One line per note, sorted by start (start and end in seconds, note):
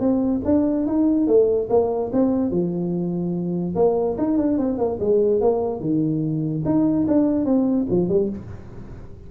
0.00 0.41 C4
0.45 0.86 D4
0.87 1.27 D#4
1.27 1.69 A3
1.70 2.11 A#3
2.13 2.51 C4
2.51 3.75 F3
3.75 4.17 A#3
4.18 4.37 D#4
4.37 4.58 D4
4.58 4.78 C4
4.78 4.99 A#3
5.00 5.41 G#3
5.41 5.80 A#3
5.80 6.63 D#3
6.65 7.06 D#4
7.08 7.45 D4
7.45 7.86 C4
7.90 8.09 F3
8.09 8.29 G3